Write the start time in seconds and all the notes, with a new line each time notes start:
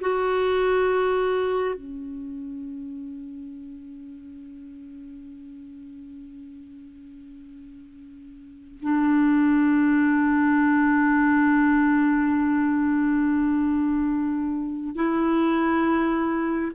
0.00 F#4
1.74 C#4
8.82 D4
14.95 E4